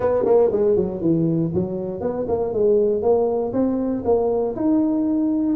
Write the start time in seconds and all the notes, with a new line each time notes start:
0.00 B3
0.25 A#3
0.52 G#3
0.76 F#3
1.01 E3
1.54 F#3
2.00 B3
2.28 A#3
2.53 G#3
3.02 A#3
3.52 C4
4.04 A#3
4.55 D#4